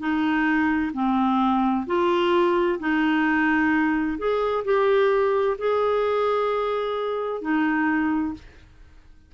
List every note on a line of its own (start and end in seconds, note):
0.00 0.92 D#4
0.94 1.86 C4
1.87 2.79 F4
2.80 4.18 D#4
4.18 4.64 G#4
4.65 5.58 G4
5.58 7.42 G#4
7.42 8.34 D#4